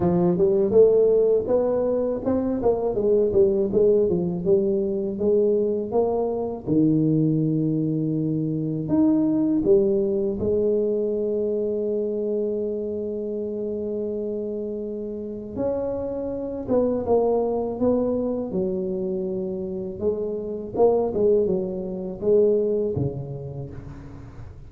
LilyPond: \new Staff \with { instrumentName = "tuba" } { \time 4/4 \tempo 4 = 81 f8 g8 a4 b4 c'8 ais8 | gis8 g8 gis8 f8 g4 gis4 | ais4 dis2. | dis'4 g4 gis2~ |
gis1~ | gis4 cis'4. b8 ais4 | b4 fis2 gis4 | ais8 gis8 fis4 gis4 cis4 | }